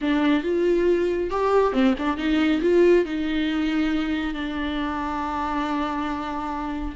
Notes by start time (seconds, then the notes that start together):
0.01 D4
0.43 F4
1.30 G4
1.72 C4
1.98 D4
2.17 D#4
2.61 F4
3.05 D#4
4.34 D4